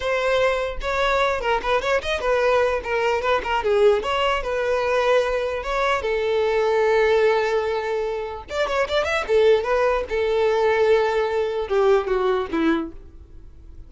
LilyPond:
\new Staff \with { instrumentName = "violin" } { \time 4/4 \tempo 4 = 149 c''2 cis''4. ais'8 | b'8 cis''8 dis''8 b'4. ais'4 | b'8 ais'8 gis'4 cis''4 b'4~ | b'2 cis''4 a'4~ |
a'1~ | a'4 d''8 cis''8 d''8 e''8 a'4 | b'4 a'2.~ | a'4 g'4 fis'4 e'4 | }